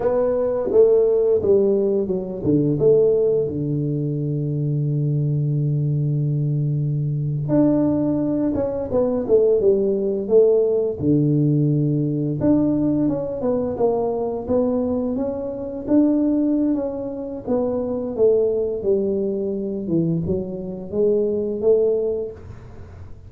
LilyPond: \new Staff \with { instrumentName = "tuba" } { \time 4/4 \tempo 4 = 86 b4 a4 g4 fis8 d8 | a4 d2.~ | d2~ d8. d'4~ d'16~ | d'16 cis'8 b8 a8 g4 a4 d16~ |
d4.~ d16 d'4 cis'8 b8 ais16~ | ais8. b4 cis'4 d'4~ d'16 | cis'4 b4 a4 g4~ | g8 e8 fis4 gis4 a4 | }